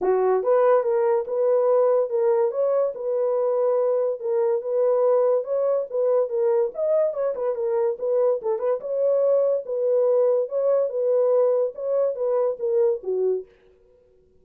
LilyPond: \new Staff \with { instrumentName = "horn" } { \time 4/4 \tempo 4 = 143 fis'4 b'4 ais'4 b'4~ | b'4 ais'4 cis''4 b'4~ | b'2 ais'4 b'4~ | b'4 cis''4 b'4 ais'4 |
dis''4 cis''8 b'8 ais'4 b'4 | a'8 b'8 cis''2 b'4~ | b'4 cis''4 b'2 | cis''4 b'4 ais'4 fis'4 | }